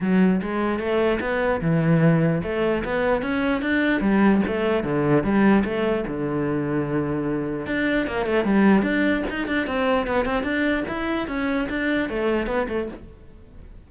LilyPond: \new Staff \with { instrumentName = "cello" } { \time 4/4 \tempo 4 = 149 fis4 gis4 a4 b4 | e2 a4 b4 | cis'4 d'4 g4 a4 | d4 g4 a4 d4~ |
d2. d'4 | ais8 a8 g4 d'4 dis'8 d'8 | c'4 b8 c'8 d'4 e'4 | cis'4 d'4 a4 b8 a8 | }